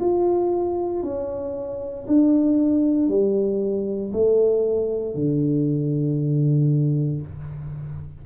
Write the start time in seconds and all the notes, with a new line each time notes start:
0.00 F4
1.03 C#4
2.07 D4
3.08 G3
4.13 A3
5.15 D3